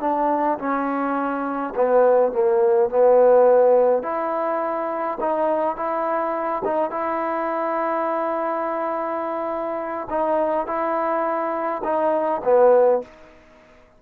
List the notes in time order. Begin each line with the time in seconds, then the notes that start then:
0.00 D4
0.58 C#4
1.75 B3
2.32 A#3
2.89 B3
4.02 E4
5.20 D#4
5.76 E4
6.64 D#4
6.90 E4
10.09 D#4
10.66 E4
11.83 D#4
12.44 B3